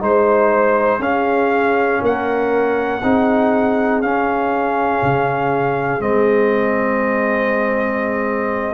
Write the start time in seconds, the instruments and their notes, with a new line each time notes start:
0.00 tuba G#3, trombone D#4, horn C5, trumpet C5
0.99 tuba C#4, trombone C#4, horn G#4, trumpet F5
2.02 tuba A#3, horn A#4, trumpet F#5
3.02 tuba C4, trombone D#4, horn G#4
4.02 tuba C#4, trombone C#4, trumpet F5
5.03 tuba C#3
6.00 tuba G#3, trombone C4, trumpet D#5